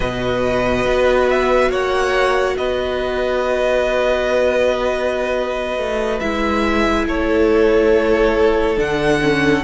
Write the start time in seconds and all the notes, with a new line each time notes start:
0.00 B2 F#4 B4 D#5
0.85 B3
1.29 E5
1.69 A#3 C#5 F#5
2.57 B3 B4 D#5
5.77 A3
6.19 G#3 E4 E5
7.07 A3 A4 C#5
8.76 D3 D4 F#5
9.21 C#4